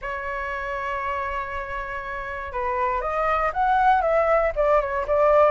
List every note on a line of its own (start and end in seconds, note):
0.01 2.52 C#5
2.52 3.01 B4
3.01 3.51 D#5
3.53 4.01 F#5
4.01 4.52 E5
4.55 4.80 D5
4.80 5.06 C#5
5.07 5.51 D5